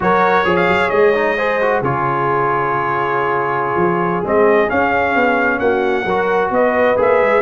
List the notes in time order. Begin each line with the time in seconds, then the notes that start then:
0.00 F#3 F#4 A#4 C#5
0.44 F3 G#4 C#5
0.56 F5
0.68 F#3
0.90 G#3 D#5
1.14 D#4
1.37 G#4 C5
1.61 F#4
1.81 C#3 F4 G#4 C#5
3.75 F3
4.23 G#3 C4 D#5
4.68 C#4 F5
5.15 B3
5.59 A#3 F#4 F#5
6.04 F#3 F#4 A#4
6.50 B3 B4 D#5
6.96 A#3 G#4 E5
7.21 G#3